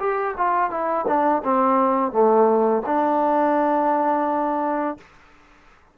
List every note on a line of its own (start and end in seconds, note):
0.00 0.35 G4
0.38 0.71 F4
0.71 1.06 E4
1.07 1.43 D4
1.45 2.12 C4
2.12 2.83 A3
2.87 4.98 D4